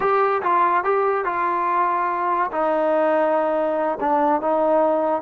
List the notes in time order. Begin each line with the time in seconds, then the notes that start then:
0.00 G4
0.42 F4
0.84 G4
1.25 F4
2.51 D#4
4.00 D4
4.41 D#4